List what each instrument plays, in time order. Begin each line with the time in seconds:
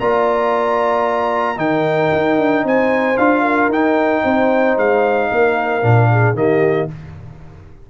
0.00 tuba A#3, trombone F4, horn D5, trumpet A#5
1.57 tuba D#3, trombone D#4, horn A#4, trumpet G5
2.13 tuba D#4
2.39 tuba D4
2.64 tuba C4, horn C5, trumpet G#5
3.18 tuba D4, trombone F4, trumpet F5
3.42 horn A#4
3.69 tuba D#4, trombone D#4, trumpet G5
4.24 tuba C4, horn C5
4.78 tuba G#3, trumpet F5
5.30 tuba A#3, horn A#4
5.83 tuba A#2, trombone D4
6.11 horn G#4
6.34 tuba D#3, trombone A#3, horn G4, trumpet D#5